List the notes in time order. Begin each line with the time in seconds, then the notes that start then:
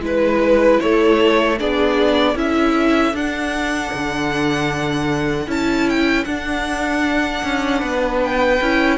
0.00 G#3 E4 B4
0.80 A3 A4 C#5
1.58 B3 D4 G#4 D5
2.34 C#4 E4 A4 E5
3.13 D4 F#5
3.93 D3
5.47 C#4 E4 A5
5.89 G5
6.24 D4 F#5
7.43 C#4
7.79 B3 B4
8.23 G5
8.61 C#4 E4